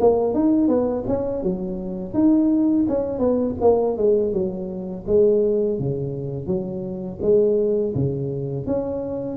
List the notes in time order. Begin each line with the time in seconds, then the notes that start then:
0.00 A#3
0.34 D#4
0.68 B3
1.07 C#4
1.43 F#3
2.14 D#4
2.88 C#4
3.18 B3
3.61 A#3
3.97 G#3
4.32 F#3
5.07 G#3
5.79 C#3
6.47 F#3
7.22 G#3
7.95 C#3
8.66 C#4